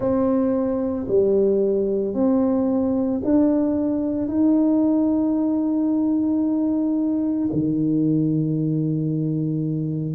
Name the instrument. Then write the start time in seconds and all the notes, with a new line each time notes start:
tuba
0.00 C4
1.08 G3
2.14 C4
3.23 D4
4.28 D#4
7.52 D#3